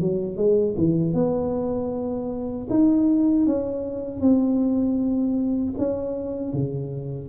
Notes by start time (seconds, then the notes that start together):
0.00 F#3
0.36 G#3
0.77 E3
1.14 B3
2.70 D#4
3.46 C#4
4.21 C4
5.78 C#4
6.53 C#3